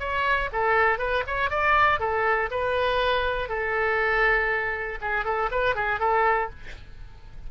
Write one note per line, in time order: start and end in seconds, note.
0.00 0.50 C#5
0.53 0.99 A4
0.99 1.24 B4
1.27 1.51 C#5
1.51 2.00 D5
2.00 2.50 A4
2.51 3.49 B4
3.49 4.99 A4
5.02 5.25 G#4
5.25 5.50 A4
5.52 5.76 B4
5.76 6.00 G#4
6.00 6.50 A4